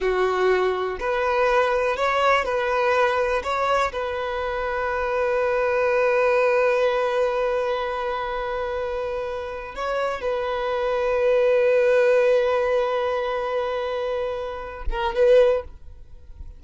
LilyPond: \new Staff \with { instrumentName = "violin" } { \time 4/4 \tempo 4 = 123 fis'2 b'2 | cis''4 b'2 cis''4 | b'1~ | b'1~ |
b'1 | cis''4 b'2.~ | b'1~ | b'2~ b'8 ais'8 b'4 | }